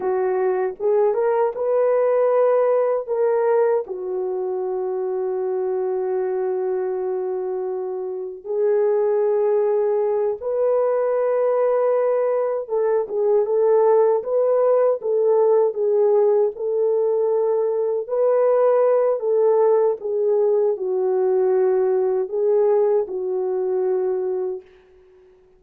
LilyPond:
\new Staff \with { instrumentName = "horn" } { \time 4/4 \tempo 4 = 78 fis'4 gis'8 ais'8 b'2 | ais'4 fis'2.~ | fis'2. gis'4~ | gis'4. b'2~ b'8~ |
b'8 a'8 gis'8 a'4 b'4 a'8~ | a'8 gis'4 a'2 b'8~ | b'4 a'4 gis'4 fis'4~ | fis'4 gis'4 fis'2 | }